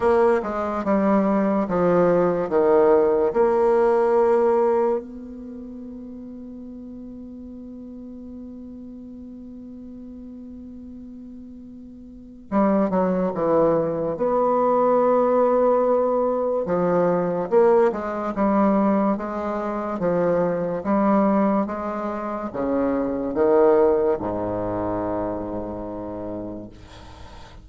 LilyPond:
\new Staff \with { instrumentName = "bassoon" } { \time 4/4 \tempo 4 = 72 ais8 gis8 g4 f4 dis4 | ais2 b2~ | b1~ | b2. g8 fis8 |
e4 b2. | f4 ais8 gis8 g4 gis4 | f4 g4 gis4 cis4 | dis4 gis,2. | }